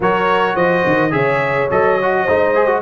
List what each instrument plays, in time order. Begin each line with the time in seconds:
0.00 tuba F#3, trombone F#4, horn A#4, trumpet C#5
0.54 tuba F3, horn C5, trumpet D#5
0.86 tuba D#3
1.10 tuba C#3, trombone G#4, horn C#5, trumpet E5
1.71 tuba F#3, trombone A4, trumpet D#5
2.02 trombone F#4
2.23 tuba G#3, trombone D#4, horn C5
2.55 trombone G#4
2.67 trombone F#4